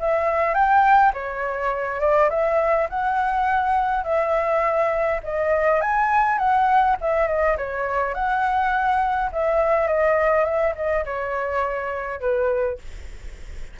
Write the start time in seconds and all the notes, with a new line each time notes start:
0.00 E5
0.54 G5
1.14 C#5
2.00 D5
2.30 E5
2.90 F#5
4.04 E5
5.23 D#5
5.81 G#5
6.38 F#5
7.01 E5
7.28 D#5
7.58 C#5
8.14 F#5
9.32 E5
9.88 D#5
10.45 E5
10.76 D#5
11.05 C#5
12.21 B4